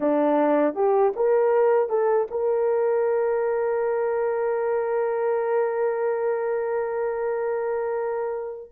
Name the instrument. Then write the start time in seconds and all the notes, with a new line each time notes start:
horn
0.00 D4
0.75 G4
1.16 A#4
1.89 A4
2.31 A#4